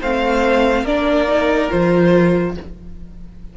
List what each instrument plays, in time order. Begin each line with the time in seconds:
0.00 cello A3, viola C4, violin C5 F5
0.83 cello A#3, viola D4, violin A#4 D5
1.28 viola D#4
1.70 cello F3, viola F4, violin C5